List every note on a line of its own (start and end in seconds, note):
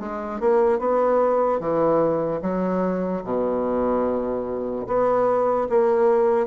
0.00 0.41 G#3
0.41 0.79 A#3
0.79 1.60 B3
1.60 2.41 E3
2.42 3.23 F#3
3.25 4.87 B2
4.87 5.68 B3
5.70 6.47 A#3